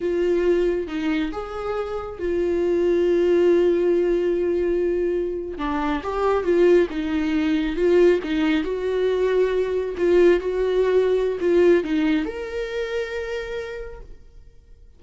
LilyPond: \new Staff \with { instrumentName = "viola" } { \time 4/4 \tempo 4 = 137 f'2 dis'4 gis'4~ | gis'4 f'2.~ | f'1~ | f'8. d'4 g'4 f'4 dis'16~ |
dis'4.~ dis'16 f'4 dis'4 fis'16~ | fis'2~ fis'8. f'4 fis'16~ | fis'2 f'4 dis'4 | ais'1 | }